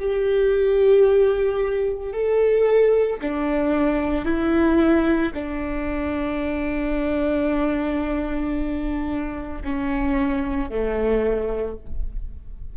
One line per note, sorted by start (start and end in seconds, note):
0.00 2.13 G4
2.13 3.20 A4
3.21 4.25 D4
4.25 5.32 E4
5.34 9.63 D4
9.64 10.70 C#4
10.70 11.77 A3